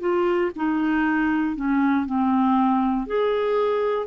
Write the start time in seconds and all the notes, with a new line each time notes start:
0.00 F4
0.56 D#4
1.56 C#4
2.05 C4
3.06 G#4